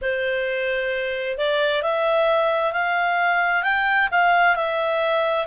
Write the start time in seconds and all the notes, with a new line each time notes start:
0.01 C5
1.37 D5
1.82 E5
2.73 F5
3.63 G5
4.11 F5
4.55 E5